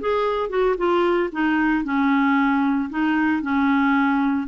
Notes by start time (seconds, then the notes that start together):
0.00 G#4
0.49 F#4
0.77 F4
1.32 D#4
1.84 C#4
2.90 D#4
3.42 C#4